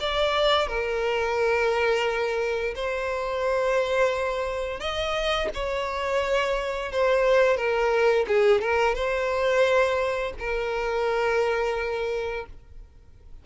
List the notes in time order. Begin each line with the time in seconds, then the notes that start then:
0.00 D5
0.67 A#4
2.75 C5
4.80 D#5
5.54 C#5
6.92 C5
7.57 A#4
8.28 G#4
8.61 A#4
8.95 C5
10.39 A#4